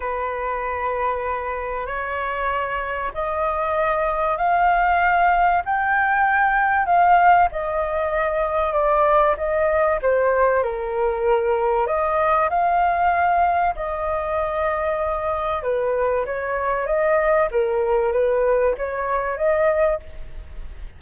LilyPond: \new Staff \with { instrumentName = "flute" } { \time 4/4 \tempo 4 = 96 b'2. cis''4~ | cis''4 dis''2 f''4~ | f''4 g''2 f''4 | dis''2 d''4 dis''4 |
c''4 ais'2 dis''4 | f''2 dis''2~ | dis''4 b'4 cis''4 dis''4 | ais'4 b'4 cis''4 dis''4 | }